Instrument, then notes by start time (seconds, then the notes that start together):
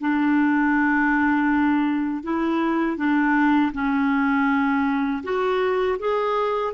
clarinet
0.00 D4
2.23 E4
2.97 D4
3.73 C#4
5.23 F#4
5.99 G#4